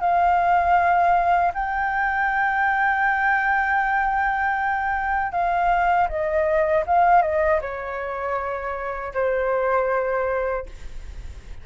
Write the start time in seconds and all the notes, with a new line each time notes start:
0.00 F5
1.54 G5
5.32 F5
6.09 D#5
6.86 F5
7.22 D#5
7.61 C#5
9.14 C5